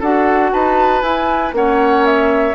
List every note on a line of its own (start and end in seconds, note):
0.00 0.52 D4
0.00 1.03 F#4
0.00 0.51 A4
0.00 0.52 F#5
0.52 1.02 D#4
0.52 1.55 B4
0.52 1.02 A5
1.02 1.52 E4
1.02 1.54 E4
1.02 1.52 G#5
1.52 2.54 A#3
1.52 2.55 C#4
1.52 2.55 C#5
1.52 2.06 F#5
2.06 2.55 E5